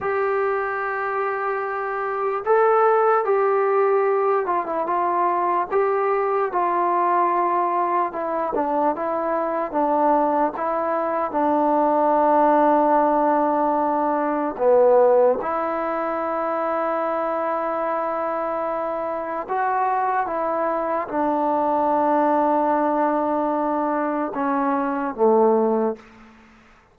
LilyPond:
\new Staff \with { instrumentName = "trombone" } { \time 4/4 \tempo 4 = 74 g'2. a'4 | g'4. f'16 e'16 f'4 g'4 | f'2 e'8 d'8 e'4 | d'4 e'4 d'2~ |
d'2 b4 e'4~ | e'1 | fis'4 e'4 d'2~ | d'2 cis'4 a4 | }